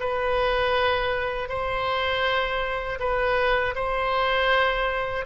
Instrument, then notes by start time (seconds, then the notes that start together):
oboe
0.00 B4
1.49 C5
2.99 B4
3.75 C5